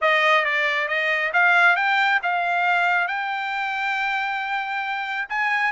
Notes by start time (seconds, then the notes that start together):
0.01 D#5
0.44 D5
0.88 D#5
1.33 F5
1.75 G5
2.22 F5
3.07 G5
5.29 G#5